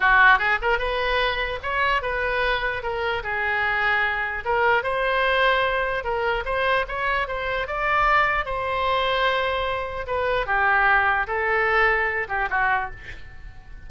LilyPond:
\new Staff \with { instrumentName = "oboe" } { \time 4/4 \tempo 4 = 149 fis'4 gis'8 ais'8 b'2 | cis''4 b'2 ais'4 | gis'2. ais'4 | c''2. ais'4 |
c''4 cis''4 c''4 d''4~ | d''4 c''2.~ | c''4 b'4 g'2 | a'2~ a'8 g'8 fis'4 | }